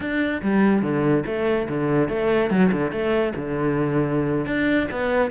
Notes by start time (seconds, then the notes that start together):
0.00 D4
0.42 G3
0.82 D3
1.26 A3
1.68 D3
2.09 A3
2.50 F#3
2.72 D3
2.91 A3
3.35 D3
4.46 D4
4.91 B3